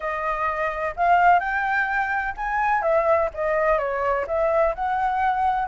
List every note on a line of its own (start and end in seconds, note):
0.00 0.94 D#5
0.96 1.39 F5
1.39 2.34 G5
2.36 2.82 G#5
2.82 3.29 E5
3.33 3.78 D#5
3.78 4.25 C#5
4.27 4.74 E5
4.74 5.68 F#5